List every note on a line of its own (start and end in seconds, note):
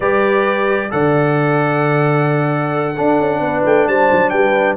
0.00 0.89 G3
0.00 0.90 G4
0.00 0.90 B4
0.00 0.91 D5
0.90 2.97 D3
0.90 2.94 A4
0.90 2.94 D5
0.90 3.64 F#5
2.94 4.77 D4
2.94 3.18 D4
2.94 3.39 A4
3.18 3.40 C#4
3.40 3.62 B3
3.40 3.87 B4
3.64 3.87 A3
3.64 3.87 G5
3.87 4.10 G3
3.87 4.31 C5
3.87 4.29 A5
4.11 4.33 F#3
4.29 4.77 G3
4.29 4.76 B4
4.29 4.75 G5